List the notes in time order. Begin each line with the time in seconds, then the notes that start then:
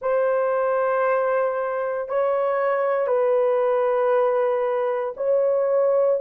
0.01 C5
2.08 C#5
3.07 B4
5.16 C#5